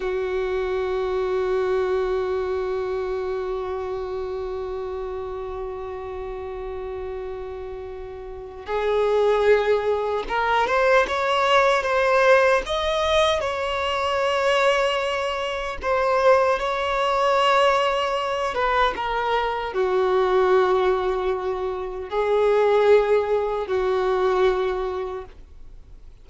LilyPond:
\new Staff \with { instrumentName = "violin" } { \time 4/4 \tempo 4 = 76 fis'1~ | fis'1~ | fis'2. gis'4~ | gis'4 ais'8 c''8 cis''4 c''4 |
dis''4 cis''2. | c''4 cis''2~ cis''8 b'8 | ais'4 fis'2. | gis'2 fis'2 | }